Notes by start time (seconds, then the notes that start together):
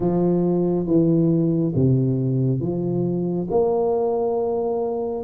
0.00 F3
0.86 E3
1.75 C3
2.60 F3
3.50 A#3